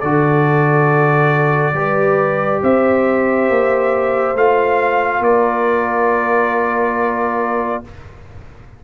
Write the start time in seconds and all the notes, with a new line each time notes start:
0.00 D3 F#4 A4 D5
1.73 G3 G4 B4
2.62 C4 C5 E5
3.49 A#3
4.35 A3 F4 F5
5.19 A#3 A#4 D5